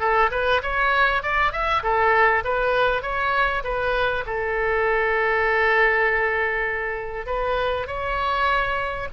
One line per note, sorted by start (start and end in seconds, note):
0.00 0.30 A4
0.31 0.61 B4
0.63 1.23 C#5
1.23 1.52 D5
1.52 1.83 E5
1.83 2.44 A4
2.44 3.02 B4
3.02 3.63 C#5
3.64 4.25 B4
4.26 7.26 A4
7.26 7.87 B4
7.87 9.08 C#5